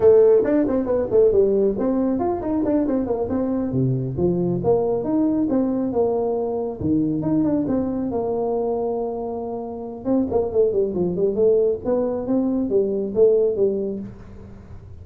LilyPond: \new Staff \with { instrumentName = "tuba" } { \time 4/4 \tempo 4 = 137 a4 d'8 c'8 b8 a8 g4 | c'4 f'8 dis'8 d'8 c'8 ais8 c'8~ | c'8 c4 f4 ais4 dis'8~ | dis'8 c'4 ais2 dis8~ |
dis8 dis'8 d'8 c'4 ais4.~ | ais2. c'8 ais8 | a8 g8 f8 g8 a4 b4 | c'4 g4 a4 g4 | }